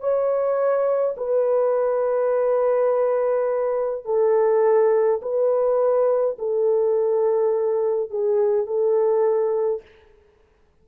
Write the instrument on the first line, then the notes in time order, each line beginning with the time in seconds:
horn
0.00 C#5
1.17 B4
4.05 A4
5.22 B4
6.39 A4
8.10 G#4
8.67 A4